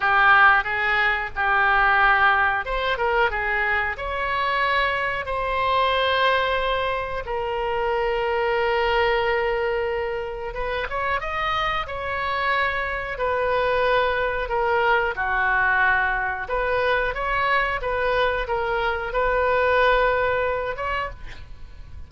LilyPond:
\new Staff \with { instrumentName = "oboe" } { \time 4/4 \tempo 4 = 91 g'4 gis'4 g'2 | c''8 ais'8 gis'4 cis''2 | c''2. ais'4~ | ais'1 |
b'8 cis''8 dis''4 cis''2 | b'2 ais'4 fis'4~ | fis'4 b'4 cis''4 b'4 | ais'4 b'2~ b'8 cis''8 | }